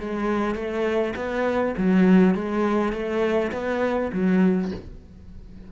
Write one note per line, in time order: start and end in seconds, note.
0.00 0.55 G#3
0.55 1.14 A3
1.16 1.75 B3
1.78 2.35 F#3
2.35 2.93 G#3
2.93 3.52 A3
3.52 4.11 B3
4.13 4.72 F#3